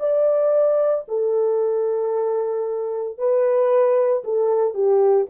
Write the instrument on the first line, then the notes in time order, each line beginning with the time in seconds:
horn
0.00 D5
1.08 A4
3.18 B4
4.24 A4
4.74 G4